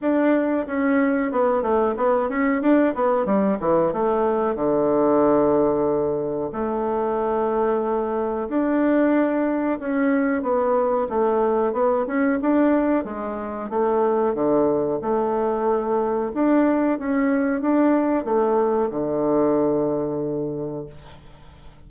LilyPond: \new Staff \with { instrumentName = "bassoon" } { \time 4/4 \tempo 4 = 92 d'4 cis'4 b8 a8 b8 cis'8 | d'8 b8 g8 e8 a4 d4~ | d2 a2~ | a4 d'2 cis'4 |
b4 a4 b8 cis'8 d'4 | gis4 a4 d4 a4~ | a4 d'4 cis'4 d'4 | a4 d2. | }